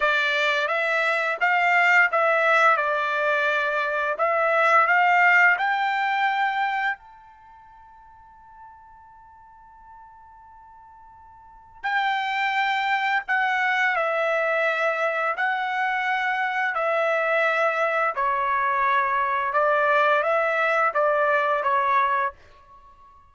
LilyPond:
\new Staff \with { instrumentName = "trumpet" } { \time 4/4 \tempo 4 = 86 d''4 e''4 f''4 e''4 | d''2 e''4 f''4 | g''2 a''2~ | a''1~ |
a''4 g''2 fis''4 | e''2 fis''2 | e''2 cis''2 | d''4 e''4 d''4 cis''4 | }